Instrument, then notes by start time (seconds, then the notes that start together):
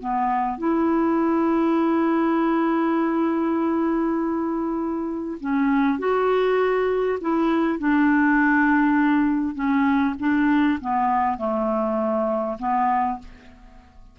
clarinet
0.00 B3
0.59 E4
5.41 C#4
5.99 F#4
7.21 E4
7.79 D4
9.55 C#4
10.20 D4
10.81 B3
11.38 A3
12.59 B3